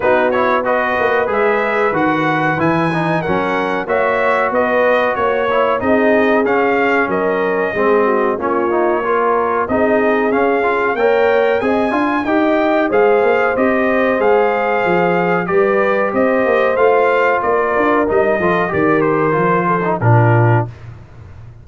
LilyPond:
<<
  \new Staff \with { instrumentName = "trumpet" } { \time 4/4 \tempo 4 = 93 b'8 cis''8 dis''4 e''4 fis''4 | gis''4 fis''4 e''4 dis''4 | cis''4 dis''4 f''4 dis''4~ | dis''4 cis''2 dis''4 |
f''4 g''4 gis''4 g''4 | f''4 dis''4 f''2 | d''4 dis''4 f''4 d''4 | dis''4 d''8 c''4. ais'4 | }
  \new Staff \with { instrumentName = "horn" } { \time 4/4 fis'4 b'2.~ | b'4 ais'4 cis''4 b'4 | cis''4 gis'2 ais'4 | gis'8 fis'8 f'4 ais'4 gis'4~ |
gis'4 cis''4 dis''8 f''8 dis''4 | c''1 | b'4 c''2 ais'4~ | ais'8 a'8 ais'4. a'8 f'4 | }
  \new Staff \with { instrumentName = "trombone" } { \time 4/4 dis'8 e'8 fis'4 gis'4 fis'4 | e'8 dis'8 cis'4 fis'2~ | fis'8 e'8 dis'4 cis'2 | c'4 cis'8 dis'8 f'4 dis'4 |
cis'8 f'8 ais'4 gis'8 f'8 g'4 | gis'4 g'4 gis'2 | g'2 f'2 | dis'8 f'8 g'4 f'8. dis'16 d'4 | }
  \new Staff \with { instrumentName = "tuba" } { \time 4/4 b4. ais8 gis4 dis4 | e4 fis4 ais4 b4 | ais4 c'4 cis'4 fis4 | gis4 ais2 c'4 |
cis'4 ais4 c'8 d'8 dis'4 | gis8 ais8 c'4 gis4 f4 | g4 c'8 ais8 a4 ais8 d'8 | g8 f8 dis4 f4 ais,4 | }
>>